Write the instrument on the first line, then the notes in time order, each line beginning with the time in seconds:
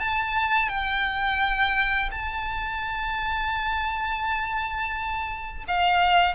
violin
0.00 A5
0.69 G5
2.11 A5
5.68 F5